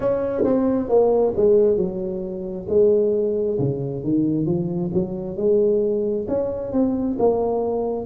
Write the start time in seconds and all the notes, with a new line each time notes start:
0.00 C#4
0.44 C4
0.88 A#3
1.36 G#3
1.77 F#3
2.68 G#3
3.58 C#3
4.03 D#3
4.45 F3
4.93 F#3
5.36 G#3
6.28 C#4
6.72 C4
7.18 A#3